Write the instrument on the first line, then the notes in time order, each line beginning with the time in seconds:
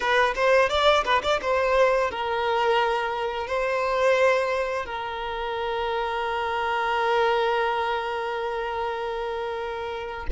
violin
0.00 B4
0.35 C5
0.69 D5
1.04 B4
1.22 D5
1.41 C5
2.11 A#4
3.47 C5
4.85 A#4